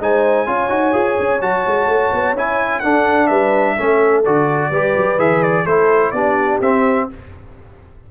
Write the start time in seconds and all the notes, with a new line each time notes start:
0.00 G#3 D#4 C5 G#5
0.47 C#4 F4 C#5
0.70 D#4 F#4
0.93 F4 G#4
1.19 C#4
1.41 F#3 F#4 A5
1.66 G#3
1.87 A3
2.13 B3
2.33 C#4 E4 G#5
2.80 D4 A4 F#5
3.27 G3 B4 E5
3.77 A3 C#4 A4
4.25 D3 F#4 D5
4.70 G3 G4 B4
4.97 F#3
5.19 E3 G#4 E5
5.43 D5
5.65 A3 E4 A4 C5
6.12 B3 D4 G4 D5
6.61 C4 E5